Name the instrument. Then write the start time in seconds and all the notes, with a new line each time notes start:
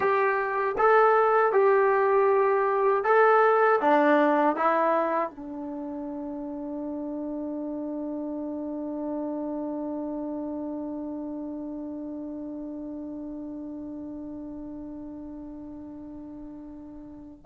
trombone
0.00 G4
0.78 A4
1.52 G4
3.03 A4
3.80 D4
4.56 E4
5.30 D4